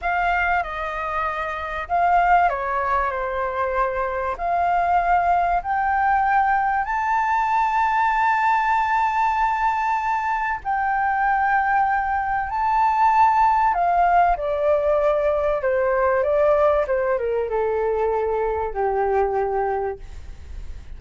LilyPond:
\new Staff \with { instrumentName = "flute" } { \time 4/4 \tempo 4 = 96 f''4 dis''2 f''4 | cis''4 c''2 f''4~ | f''4 g''2 a''4~ | a''1~ |
a''4 g''2. | a''2 f''4 d''4~ | d''4 c''4 d''4 c''8 ais'8 | a'2 g'2 | }